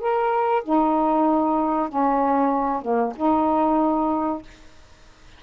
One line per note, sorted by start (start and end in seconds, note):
0.00 0.63 A#4
0.64 1.89 D#4
1.89 2.82 C#4
2.82 3.13 A#3
3.16 4.42 D#4